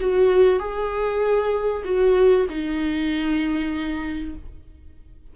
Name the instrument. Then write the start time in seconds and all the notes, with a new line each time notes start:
viola
0.00 F#4
0.59 G#4
1.84 F#4
2.49 D#4